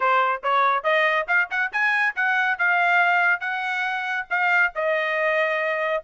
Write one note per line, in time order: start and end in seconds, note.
0.00 0.42 C5
0.43 0.83 C#5
0.83 1.26 D#5
1.27 1.49 F5
1.50 1.71 F#5
1.72 2.15 G#5
2.15 2.58 F#5
2.58 3.40 F5
3.40 4.26 F#5
4.30 4.72 F5
4.75 6.03 D#5